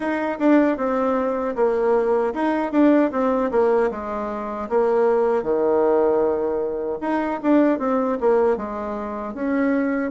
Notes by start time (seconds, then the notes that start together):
0.00 D#4
0.39 D4
0.77 C4
1.55 A#3
2.34 D#4
2.72 D4
3.11 C4
3.51 A#3
3.90 G#3
4.69 A#3
5.43 D#3
7.01 D#4
7.42 D4
7.79 C4
8.20 A#3
8.56 G#3
9.34 C#4